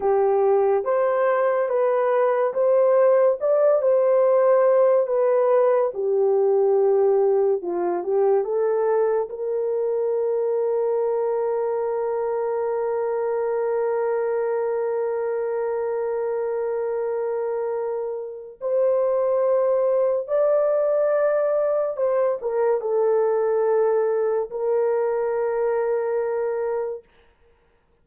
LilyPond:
\new Staff \with { instrumentName = "horn" } { \time 4/4 \tempo 4 = 71 g'4 c''4 b'4 c''4 | d''8 c''4. b'4 g'4~ | g'4 f'8 g'8 a'4 ais'4~ | ais'1~ |
ais'1~ | ais'2 c''2 | d''2 c''8 ais'8 a'4~ | a'4 ais'2. | }